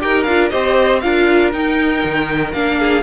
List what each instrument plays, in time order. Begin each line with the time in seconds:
0.00 cello D#4, viola G4, violin A#4 G5
0.23 cello D4, viola F4, violin F5
0.49 cello C4, viola G4, violin C5 D#5
1.00 cello D4, viola F4, violin A#4 F5
1.52 viola D#4, cello D#4, violin G5
2.04 cello D#3
2.52 cello A#3, viola D4, violin F5
2.79 violin G#4